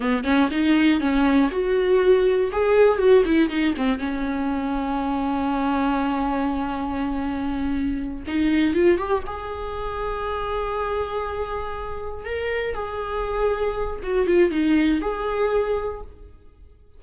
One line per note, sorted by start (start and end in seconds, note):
0.00 0.24 B3
0.24 0.49 C#4
0.50 1.00 D#4
1.00 1.50 C#4
1.51 2.51 F#4
2.52 2.98 G#4
2.98 3.23 F#4
3.25 3.49 E4
3.49 3.74 D#4
3.76 3.98 C4
3.98 8.23 C#4
8.27 8.74 D#4
8.74 8.98 F4
8.98 9.23 G4
9.26 12.25 G#4
12.25 12.74 A#4
12.74 13.99 G#4
14.02 14.27 F#4
14.27 14.50 F4
14.50 15.00 D#4
15.01 16.01 G#4